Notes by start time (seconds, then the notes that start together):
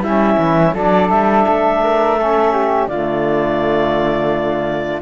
0.00 G3 C#4 E4 E5
0.38 E3
0.74 F#3 D4 A4 D5
1.09 G3 E5
1.48 A3
1.83 A#4
2.17 C#4 A4
2.52 G4
2.87 D3 A3 F4 D5